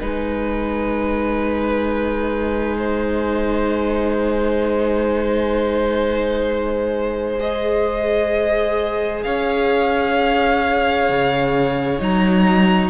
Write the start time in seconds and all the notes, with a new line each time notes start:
0.00 G#3 D#4 B4 G#5
2.78 C5
7.40 G#4 D#5
9.23 C#4 C#5 F5
11.09 C#3
11.99 F#3 D#4 A#5